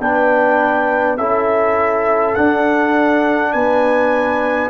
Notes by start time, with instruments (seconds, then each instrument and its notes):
0.00 tuba B3, trombone D4, horn B4, trumpet G5
1.17 tuba C#4, trombone E4, horn A4, trumpet E5
2.35 trombone D4, tuba D4, trumpet F#5
3.52 tuba B3, horn B4, trumpet G#5